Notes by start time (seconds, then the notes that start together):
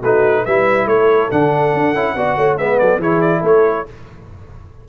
0.00 A3 D#4 F#4 B4
0.44 G3 E4 B4 E5
0.86 A3 A4 C#5
1.31 D3 D4 F#5
1.74 D4
1.94 C#4 E4
2.15 B3 F#4 D5
2.37 A3 C#5
2.58 G#3 B3 B4 E5
2.79 F#3 A4 D5
2.99 E3 E4 G#4 C#5
3.21 D5
3.40 A3 A4
3.46 C#5